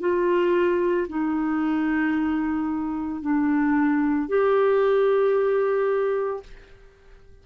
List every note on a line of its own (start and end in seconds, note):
0.00 1.07 F4
1.09 3.21 D#4
3.21 4.29 D4
4.29 6.43 G4